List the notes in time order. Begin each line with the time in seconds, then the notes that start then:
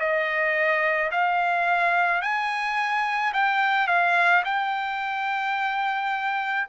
0.00 D#5
1.12 F5
2.22 G#5
3.34 G5
3.88 F5
4.45 G5